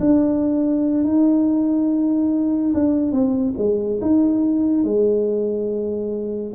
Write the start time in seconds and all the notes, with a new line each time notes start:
0.00 D4
1.04 D#4
2.74 D4
3.12 C4
3.58 G#3
4.01 D#4
4.84 G#3